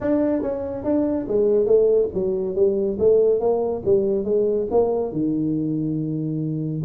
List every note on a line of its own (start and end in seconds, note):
0.00 0.42 D4
0.42 0.84 C#4
0.84 1.26 D4
1.28 1.65 G#3
1.65 2.08 A3
2.14 2.55 F#3
2.55 2.97 G3
2.99 3.39 A3
3.39 3.82 A#3
3.85 4.24 G3
4.24 4.67 G#3
4.70 5.11 A#3
5.11 6.82 D#3